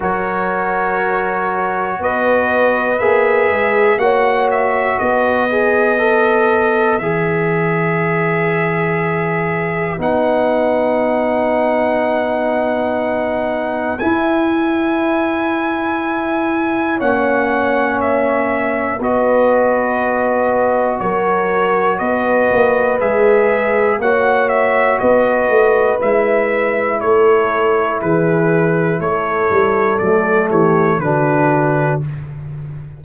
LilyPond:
<<
  \new Staff \with { instrumentName = "trumpet" } { \time 4/4 \tempo 4 = 60 cis''2 dis''4 e''4 | fis''8 e''8 dis''2 e''4~ | e''2 fis''2~ | fis''2 gis''2~ |
gis''4 fis''4 e''4 dis''4~ | dis''4 cis''4 dis''4 e''4 | fis''8 e''8 dis''4 e''4 cis''4 | b'4 cis''4 d''8 cis''8 b'4 | }
  \new Staff \with { instrumentName = "horn" } { \time 4/4 ais'2 b'2 | cis''4 b'2.~ | b'1~ | b'1~ |
b'4 cis''2 b'4~ | b'4 ais'4 b'2 | cis''4 b'2 a'4 | gis'4 a'4. g'8 fis'4 | }
  \new Staff \with { instrumentName = "trombone" } { \time 4/4 fis'2. gis'4 | fis'4. gis'8 a'4 gis'4~ | gis'2 dis'2~ | dis'2 e'2~ |
e'4 cis'2 fis'4~ | fis'2. gis'4 | fis'2 e'2~ | e'2 a4 d'4 | }
  \new Staff \with { instrumentName = "tuba" } { \time 4/4 fis2 b4 ais8 gis8 | ais4 b2 e4~ | e2 b2~ | b2 e'2~ |
e'4 ais2 b4~ | b4 fis4 b8 ais8 gis4 | ais4 b8 a8 gis4 a4 | e4 a8 g8 fis8 e8 d4 | }
>>